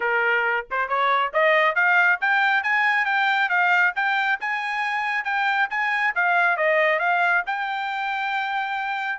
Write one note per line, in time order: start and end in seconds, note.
0.00 0.66 A#4
0.70 0.88 C5
0.88 1.32 C#5
1.33 1.75 D#5
1.75 2.19 F5
2.20 2.63 G5
2.63 3.05 G#5
3.05 3.49 G5
3.49 3.93 F5
3.95 4.39 G5
4.40 5.24 G#5
5.24 5.68 G5
5.70 6.14 G#5
6.15 6.56 F5
6.56 6.99 D#5
6.99 7.43 F5
7.46 9.19 G5